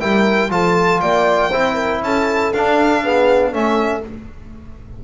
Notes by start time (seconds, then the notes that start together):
0.00 G3 E4 A#4 G5
0.50 F3 F4 A4 A5
1.01 A#3 D5 G5
1.50 C4 E4 C5
1.74 A#4
2.02 C#4 A4 A5
2.52 D4 F5
3.03 B3 G#4
3.50 A3 C#4 A4 E5